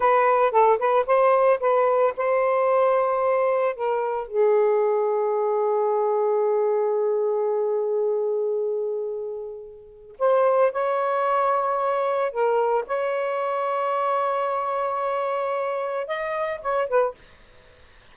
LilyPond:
\new Staff \with { instrumentName = "saxophone" } { \time 4/4 \tempo 4 = 112 b'4 a'8 b'8 c''4 b'4 | c''2. ais'4 | gis'1~ | gis'1~ |
gis'2. c''4 | cis''2. ais'4 | cis''1~ | cis''2 dis''4 cis''8 b'8 | }